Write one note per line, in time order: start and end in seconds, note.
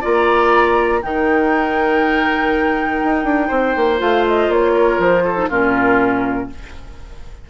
0.00 1.03 A#3
0.00 1.01 F4
0.00 0.99 D5
0.00 1.02 A#5
1.02 3.01 D#3
1.02 3.98 D#4
1.02 3.47 A#4
1.02 3.99 G5
3.03 3.23 D#4
3.23 3.48 D4
3.47 3.75 C4
3.47 4.71 C5
3.75 4.00 A#3
3.98 4.48 A3
3.98 5.34 F4
3.98 4.24 F5
4.27 4.51 D#5
4.48 4.98 A#3
4.48 5.00 C#5
4.73 5.23 A#4
4.98 5.48 F3
4.98 5.49 C5
5.24 5.49 A4
5.35 5.47 D#4
5.49 6.49 A#2
5.49 6.49 C#4
5.49 6.48 F4
5.49 6.49 A#4